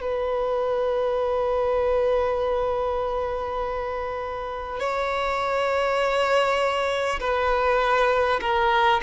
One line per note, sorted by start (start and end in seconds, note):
0.00 4.79 B4
4.79 7.19 C#5
7.19 8.39 B4
8.40 9.00 A#4